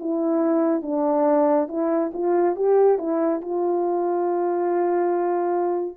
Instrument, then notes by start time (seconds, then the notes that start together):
horn
0.00 E4
0.83 D4
1.68 E4
2.14 F4
2.56 G4
2.98 E4
3.41 F4